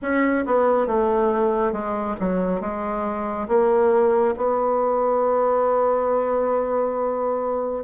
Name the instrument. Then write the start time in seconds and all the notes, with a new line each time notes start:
bassoon
0.02 C#4
0.46 B3
0.87 A3
1.72 G#3
2.20 F#3
2.60 G#3
3.47 A#3
4.36 B3